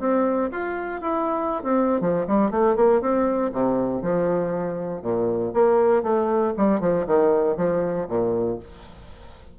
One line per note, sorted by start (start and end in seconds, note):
0.00 0.50 C4
0.52 1.02 F4
1.02 1.63 E4
1.63 2.01 C4
2.01 2.26 F3
2.28 2.51 G3
2.51 2.76 A3
2.76 3.02 A#3
3.02 3.52 C4
3.53 4.02 C3
4.02 5.03 F3
5.03 5.53 A#2
5.54 6.03 A#3
6.03 6.53 A3
6.58 6.81 G3
6.81 7.06 F3
7.07 7.57 D#3
7.57 8.08 F3
8.09 8.59 A#2